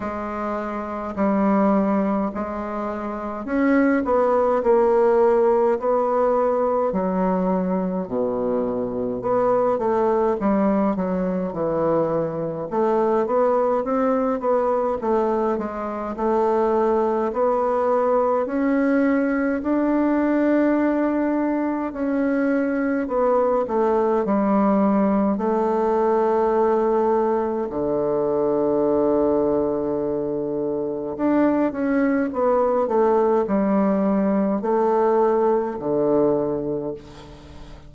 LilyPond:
\new Staff \with { instrumentName = "bassoon" } { \time 4/4 \tempo 4 = 52 gis4 g4 gis4 cis'8 b8 | ais4 b4 fis4 b,4 | b8 a8 g8 fis8 e4 a8 b8 | c'8 b8 a8 gis8 a4 b4 |
cis'4 d'2 cis'4 | b8 a8 g4 a2 | d2. d'8 cis'8 | b8 a8 g4 a4 d4 | }